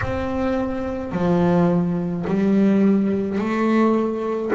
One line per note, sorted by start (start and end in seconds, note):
0.01 1.12 C4
1.12 2.25 F3
2.27 3.38 G3
3.38 4.51 A3